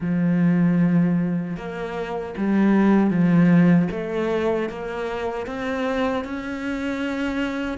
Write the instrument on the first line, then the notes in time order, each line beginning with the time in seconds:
cello
0.00 F3
1.56 A#3
2.37 G3
3.10 F3
3.91 A3
4.69 A#3
5.46 C4
6.24 C#4